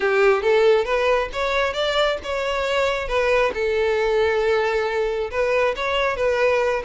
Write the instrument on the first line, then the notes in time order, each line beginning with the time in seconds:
violin
0.00 G4
0.42 A4
0.85 B4
1.33 C#5
1.73 D5
2.23 C#5
3.08 B4
3.54 A4
5.30 B4
5.76 C#5
6.16 B4